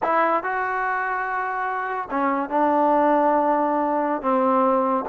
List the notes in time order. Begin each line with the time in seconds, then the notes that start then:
0.02 E4
0.43 F#4
2.10 C#4
2.49 D4
4.22 C4